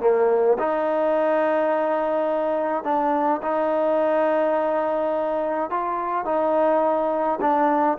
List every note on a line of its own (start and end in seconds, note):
0.00 0.57 A#3
0.58 2.83 D#4
2.83 3.41 D4
3.42 5.70 D#4
5.70 6.25 F4
6.25 7.39 D#4
7.41 7.98 D4